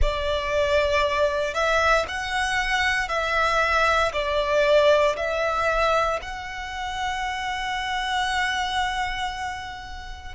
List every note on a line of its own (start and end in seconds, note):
0.01 1.53 D5
1.53 2.05 E5
2.07 3.08 F#5
3.08 4.11 E5
4.12 5.16 D5
5.16 6.19 E5
6.22 10.34 F#5